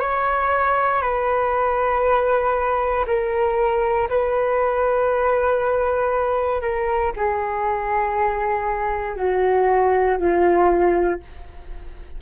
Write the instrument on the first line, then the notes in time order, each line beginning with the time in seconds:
flute
0.00 C#5
1.02 B4
3.06 A#4
4.09 B4
6.61 A#4
7.16 G#4
9.16 F#4
10.18 F4